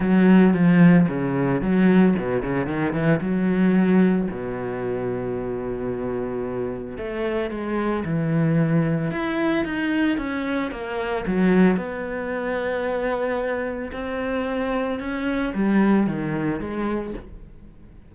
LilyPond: \new Staff \with { instrumentName = "cello" } { \time 4/4 \tempo 4 = 112 fis4 f4 cis4 fis4 | b,8 cis8 dis8 e8 fis2 | b,1~ | b,4 a4 gis4 e4~ |
e4 e'4 dis'4 cis'4 | ais4 fis4 b2~ | b2 c'2 | cis'4 g4 dis4 gis4 | }